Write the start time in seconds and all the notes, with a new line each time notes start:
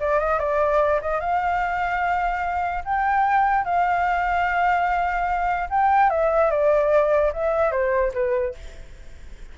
0.00 D5
0.20 D#5
0.40 D5
1.02 D#5
1.20 F5
2.85 G5
3.65 F5
5.70 G5
6.10 E5
6.51 D5
7.33 E5
7.72 C5
8.14 B4